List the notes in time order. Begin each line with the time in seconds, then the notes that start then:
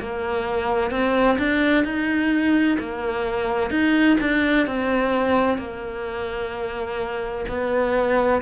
0.00 A#3
0.91 C4
1.38 D4
1.84 D#4
2.80 A#3
3.70 D#4
4.21 D4
4.67 C4
5.58 A#3
7.48 B3